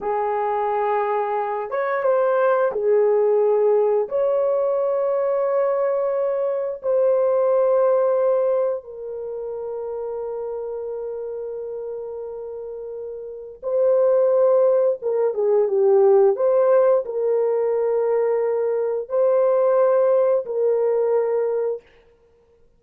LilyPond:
\new Staff \with { instrumentName = "horn" } { \time 4/4 \tempo 4 = 88 gis'2~ gis'8 cis''8 c''4 | gis'2 cis''2~ | cis''2 c''2~ | c''4 ais'2.~ |
ais'1 | c''2 ais'8 gis'8 g'4 | c''4 ais'2. | c''2 ais'2 | }